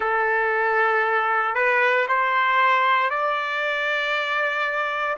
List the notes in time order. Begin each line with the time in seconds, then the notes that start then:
0.00 A4
1.55 B4
2.08 C5
3.09 D5